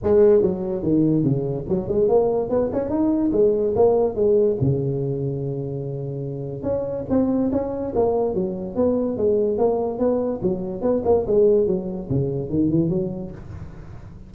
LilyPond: \new Staff \with { instrumentName = "tuba" } { \time 4/4 \tempo 4 = 144 gis4 fis4 dis4 cis4 | fis8 gis8 ais4 b8 cis'8 dis'4 | gis4 ais4 gis4 cis4~ | cis1 |
cis'4 c'4 cis'4 ais4 | fis4 b4 gis4 ais4 | b4 fis4 b8 ais8 gis4 | fis4 cis4 dis8 e8 fis4 | }